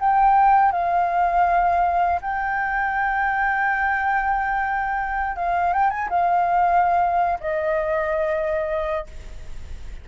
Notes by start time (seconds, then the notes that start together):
0.00 G5
0.72 F5
2.21 G5
5.36 F5
5.73 G5
5.90 G#5
6.09 F5
7.40 D#5